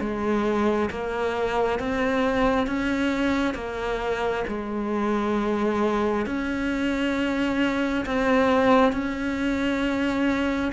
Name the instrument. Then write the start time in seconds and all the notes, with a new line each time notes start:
cello
0.00 G#3
0.90 A#3
1.79 C4
2.67 C#4
3.55 A#3
4.47 G#3
6.26 C#4
8.06 C4
8.92 C#4